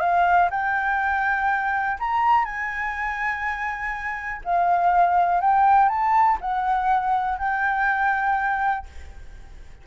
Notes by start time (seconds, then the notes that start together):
0.00 F5
0.51 G5
1.99 A#5
2.45 G#5
4.44 F5
5.41 G5
5.89 A5
6.41 F#5
7.39 G5